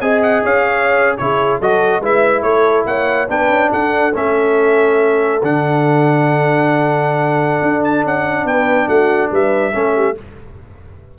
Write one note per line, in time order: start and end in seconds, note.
0.00 0.43 C4
0.00 1.18 G#4
0.00 0.44 D#5
0.00 0.21 G#5
0.22 0.43 F#5
0.44 1.18 C#4
0.44 1.18 C#5
0.44 1.17 F5
1.17 1.60 C#3
1.17 1.62 E4
1.17 1.58 G#4
1.17 1.59 C#5
1.58 2.00 F#3
1.58 2.02 F#4
1.58 2.01 A4
1.58 2.03 D#5
2.00 2.42 G#3
2.00 3.28 E4
2.00 2.43 B4
2.00 2.42 E5
2.42 2.85 A3
2.42 2.87 A4
2.42 2.84 C#5
2.85 3.27 A#3
2.85 3.28 C#5
2.85 3.28 F#5
3.28 3.49 B3
3.28 4.12 D4
3.28 3.70 B4
3.28 3.72 G5
3.49 3.70 C#4
3.70 4.14 D4
3.70 8.46 A4
3.70 4.14 F#5
4.14 5.42 A3
4.14 5.41 C#4
4.14 5.42 E5
5.42 7.62 D3
5.42 9.72 D4
5.42 7.84 F#5
7.62 8.04 D4
7.84 8.05 A5
8.04 8.44 C#4
8.04 8.46 F#5
8.44 8.87 B3
8.44 8.87 B4
8.44 8.88 G5
8.87 9.30 A3
8.87 9.30 F#4
8.87 9.30 F#5
9.31 9.73 G3
9.31 9.73 B4
9.31 10.18 E5
9.72 10.16 A3
9.72 10.15 C#4
9.72 9.95 A4
9.95 10.16 G4